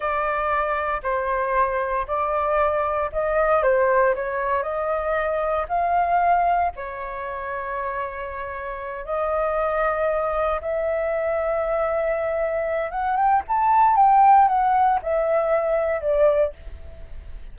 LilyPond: \new Staff \with { instrumentName = "flute" } { \time 4/4 \tempo 4 = 116 d''2 c''2 | d''2 dis''4 c''4 | cis''4 dis''2 f''4~ | f''4 cis''2.~ |
cis''4. dis''2~ dis''8~ | dis''8 e''2.~ e''8~ | e''4 fis''8 g''8 a''4 g''4 | fis''4 e''2 d''4 | }